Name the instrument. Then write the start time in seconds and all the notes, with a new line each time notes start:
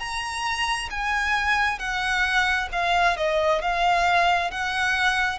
violin
0.00 A#5
0.91 G#5
1.79 F#5
2.73 F5
3.17 D#5
3.62 F5
4.51 F#5